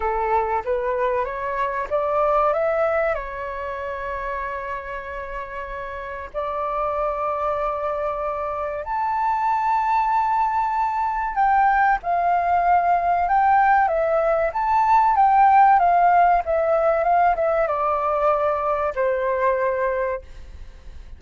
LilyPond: \new Staff \with { instrumentName = "flute" } { \time 4/4 \tempo 4 = 95 a'4 b'4 cis''4 d''4 | e''4 cis''2.~ | cis''2 d''2~ | d''2 a''2~ |
a''2 g''4 f''4~ | f''4 g''4 e''4 a''4 | g''4 f''4 e''4 f''8 e''8 | d''2 c''2 | }